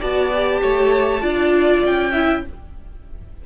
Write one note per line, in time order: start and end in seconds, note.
0.00 0.62 B3
0.00 0.32 F#4
0.00 0.61 D5
0.00 1.84 A5
0.34 1.22 G4
0.62 1.22 A3
0.62 1.22 C#5
1.22 1.83 D4
1.22 2.12 F4
1.22 2.12 D5
1.85 2.45 C#4
1.85 2.46 G5
2.12 2.44 E4
2.12 2.42 E5